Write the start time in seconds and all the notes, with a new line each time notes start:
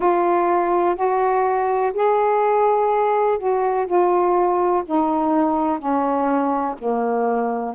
0.00 F4
0.95 F#4
1.93 G#4
3.38 F#4
3.86 F4
4.85 D#4
5.78 C#4
6.78 A#3